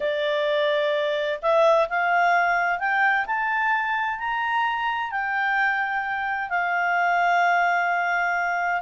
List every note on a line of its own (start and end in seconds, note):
0.00 1.40 D5
1.41 1.88 E5
1.89 2.79 F5
2.79 3.25 G5
3.26 4.19 A5
4.19 5.11 A#5
5.11 6.49 G5
6.49 8.81 F5